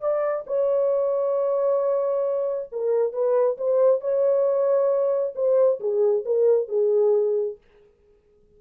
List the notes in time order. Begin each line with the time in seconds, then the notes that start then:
0.00 D5
0.46 C#5
2.72 A#4
3.12 B4
3.57 C5
4.00 C#5
5.35 C5
5.79 G#4
6.25 A#4
6.68 G#4